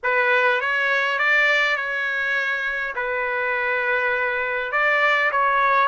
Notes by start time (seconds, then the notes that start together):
0.03 B4
0.60 C#5
1.18 D5
1.76 C#5
2.95 B4
4.71 D5
5.31 C#5